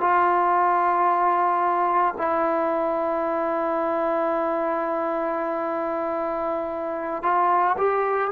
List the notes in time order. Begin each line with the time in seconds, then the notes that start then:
0.00 F4
2.17 E4
7.23 F4
7.77 G4